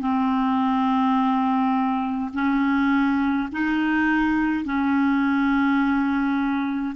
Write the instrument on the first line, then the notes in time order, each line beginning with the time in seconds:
clarinet
0.00 C4
2.33 C#4
3.52 D#4
4.65 C#4